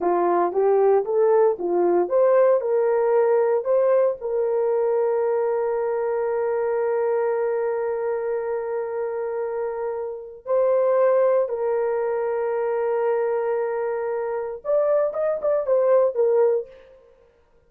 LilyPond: \new Staff \with { instrumentName = "horn" } { \time 4/4 \tempo 4 = 115 f'4 g'4 a'4 f'4 | c''4 ais'2 c''4 | ais'1~ | ais'1~ |
ais'1 | c''2 ais'2~ | ais'1 | d''4 dis''8 d''8 c''4 ais'4 | }